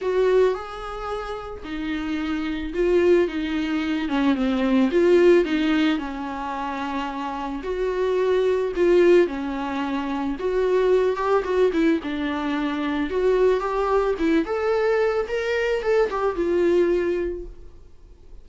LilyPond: \new Staff \with { instrumentName = "viola" } { \time 4/4 \tempo 4 = 110 fis'4 gis'2 dis'4~ | dis'4 f'4 dis'4. cis'8 | c'4 f'4 dis'4 cis'4~ | cis'2 fis'2 |
f'4 cis'2 fis'4~ | fis'8 g'8 fis'8 e'8 d'2 | fis'4 g'4 e'8 a'4. | ais'4 a'8 g'8 f'2 | }